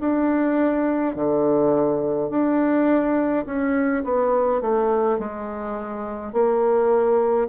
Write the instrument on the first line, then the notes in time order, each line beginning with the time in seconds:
bassoon
0.00 D4
1.15 D3
2.30 D4
3.46 C#4
4.04 B3
4.62 A3
5.19 G#3
6.33 A#3